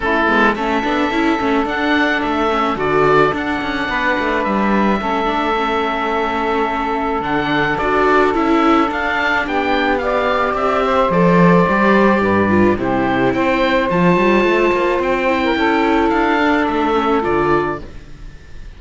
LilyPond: <<
  \new Staff \with { instrumentName = "oboe" } { \time 4/4 \tempo 4 = 108 a'4 e''2 fis''4 | e''4 d''4 fis''2 | e''1~ | e''4 fis''4 d''4 e''4 |
f''4 g''4 f''4 e''4 | d''2. c''4 | g''4 a''2 g''4~ | g''4 f''4 e''4 d''4 | }
  \new Staff \with { instrumentName = "saxophone" } { \time 4/4 e'4 a'2.~ | a'2. b'4~ | b'4 a'2.~ | a'1~ |
a'4 g'4 d''4. c''8~ | c''2 b'4 g'4 | c''2.~ c''8. ais'16 | a'1 | }
  \new Staff \with { instrumentName = "viola" } { \time 4/4 cis'8 b8 cis'8 d'8 e'8 cis'8 d'4~ | d'8 cis'8 fis'4 d'2~ | d'4 cis'8 d'8 cis'2~ | cis'4 d'4 fis'4 e'4 |
d'2 g'2 | a'4 g'4. f'8 e'4~ | e'4 f'2~ f'8 e'8~ | e'4. d'4 cis'8 f'4 | }
  \new Staff \with { instrumentName = "cello" } { \time 4/4 a8 gis8 a8 b8 cis'8 a8 d'4 | a4 d4 d'8 cis'8 b8 a8 | g4 a2.~ | a4 d4 d'4 cis'4 |
d'4 b2 c'4 | f4 g4 g,4 c4 | c'4 f8 g8 a8 ais8 c'4 | cis'4 d'4 a4 d4 | }
>>